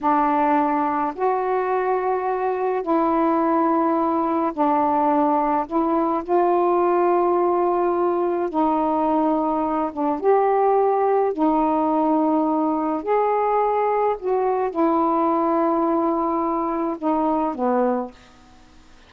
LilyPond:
\new Staff \with { instrumentName = "saxophone" } { \time 4/4 \tempo 4 = 106 d'2 fis'2~ | fis'4 e'2. | d'2 e'4 f'4~ | f'2. dis'4~ |
dis'4. d'8 g'2 | dis'2. gis'4~ | gis'4 fis'4 e'2~ | e'2 dis'4 b4 | }